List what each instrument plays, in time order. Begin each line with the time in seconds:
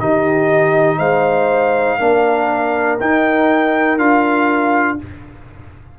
0.00 tuba D#3, trombone D#4, horn G4, trumpet D#5
0.99 tuba G#3, horn C5, trumpet F5
1.99 tuba A#3, trombone D4, horn A#4
3.00 tuba D#4, trombone D#4, trumpet G5
3.98 tuba D4, trombone F4, trumpet F5